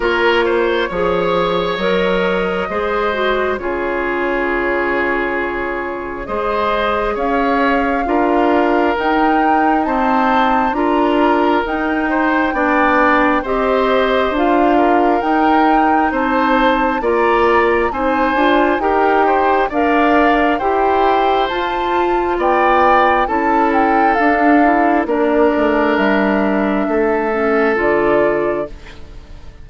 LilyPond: <<
  \new Staff \with { instrumentName = "flute" } { \time 4/4 \tempo 4 = 67 cis''2 dis''2 | cis''2. dis''4 | f''2 g''4 a''4 | ais''4 g''2 dis''4 |
f''4 g''4 a''4 ais''4 | gis''4 g''4 f''4 g''4 | a''4 g''4 a''8 g''8 f''4 | d''4 e''2 d''4 | }
  \new Staff \with { instrumentName = "oboe" } { \time 4/4 ais'8 c''8 cis''2 c''4 | gis'2. c''4 | cis''4 ais'2 c''4 | ais'4. c''8 d''4 c''4~ |
c''8 ais'4. c''4 d''4 | c''4 ais'8 c''8 d''4 c''4~ | c''4 d''4 a'2 | ais'2 a'2 | }
  \new Staff \with { instrumentName = "clarinet" } { \time 4/4 f'4 gis'4 ais'4 gis'8 fis'8 | f'2. gis'4~ | gis'4 f'4 dis'4 c'4 | f'4 dis'4 d'4 g'4 |
f'4 dis'2 f'4 | dis'8 f'8 g'4 ais'4 g'4 | f'2 e'4 d'8 e'8 | d'2~ d'8 cis'8 f'4 | }
  \new Staff \with { instrumentName = "bassoon" } { \time 4/4 ais4 f4 fis4 gis4 | cis2. gis4 | cis'4 d'4 dis'2 | d'4 dis'4 b4 c'4 |
d'4 dis'4 c'4 ais4 | c'8 d'8 dis'4 d'4 e'4 | f'4 b4 cis'4 d'4 | ais8 a8 g4 a4 d4 | }
>>